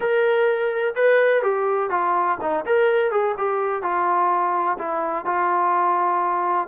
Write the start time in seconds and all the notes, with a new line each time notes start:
0.00 A#4
0.95 B4
1.42 G4
1.90 F4
2.41 D#4
2.66 A#4
3.11 G#4
3.37 G4
3.82 F4
4.78 E4
5.25 F4